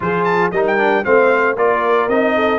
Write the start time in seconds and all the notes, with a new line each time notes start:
0.00 F3 F4 G#4 C5
0.24 A5
0.51 G3 D#4 A#4 D#5
0.67 G5
0.77 D4
1.04 A3 C4 C5 F5
1.55 A#3 F4 A#4 D5
2.08 C4 D#4 D#5
2.35 A4